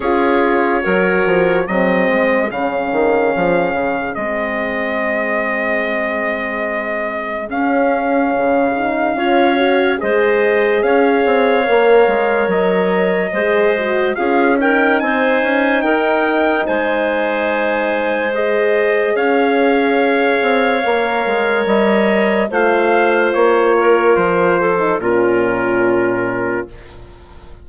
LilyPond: <<
  \new Staff \with { instrumentName = "trumpet" } { \time 4/4 \tempo 4 = 72 cis''2 dis''4 f''4~ | f''4 dis''2.~ | dis''4 f''2. | dis''4 f''2 dis''4~ |
dis''4 f''8 g''8 gis''4 g''4 | gis''2 dis''4 f''4~ | f''2 dis''4 f''4 | cis''4 c''4 ais'2 | }
  \new Staff \with { instrumentName = "clarinet" } { \time 4/4 gis'4 ais'4 gis'2~ | gis'1~ | gis'2. cis''4 | c''4 cis''2. |
c''4 gis'8 ais'8 c''4 ais'4 | c''2. cis''4~ | cis''2. c''4~ | c''8 ais'4 a'8 f'2 | }
  \new Staff \with { instrumentName = "horn" } { \time 4/4 f'4 fis'4 c'4 cis'4~ | cis'4 c'2.~ | c'4 cis'4. dis'8 f'8 fis'8 | gis'2 ais'2 |
gis'8 fis'8 f'8 dis'2~ dis'8~ | dis'2 gis'2~ | gis'4 ais'2 f'4~ | f'4.~ f'16 dis'16 cis'2 | }
  \new Staff \with { instrumentName = "bassoon" } { \time 4/4 cis'4 fis8 f8 fis8 gis8 cis8 dis8 | f8 cis8 gis2.~ | gis4 cis'4 cis4 cis'4 | gis4 cis'8 c'8 ais8 gis8 fis4 |
gis4 cis'4 c'8 cis'8 dis'4 | gis2. cis'4~ | cis'8 c'8 ais8 gis8 g4 a4 | ais4 f4 ais,2 | }
>>